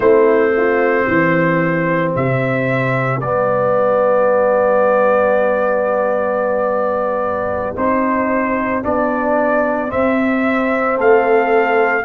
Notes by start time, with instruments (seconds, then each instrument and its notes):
0.00 tuba A3, trombone C4, horn E4, trumpet C5
0.56 horn F4
1.07 tuba E3, horn G4
2.16 tuba C3, trumpet E5
3.20 tuba G3, trombone B3, trumpet D5
7.75 tuba C4, trombone D#4, trumpet C5
8.83 tuba B3, trombone D4, trumpet D5
9.87 trombone C4, tuba C4, trumpet E5
10.96 tuba A3, horn A4, trumpet F5